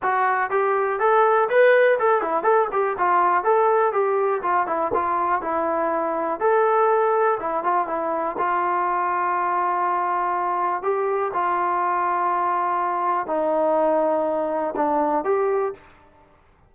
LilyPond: \new Staff \with { instrumentName = "trombone" } { \time 4/4 \tempo 4 = 122 fis'4 g'4 a'4 b'4 | a'8 e'8 a'8 g'8 f'4 a'4 | g'4 f'8 e'8 f'4 e'4~ | e'4 a'2 e'8 f'8 |
e'4 f'2.~ | f'2 g'4 f'4~ | f'2. dis'4~ | dis'2 d'4 g'4 | }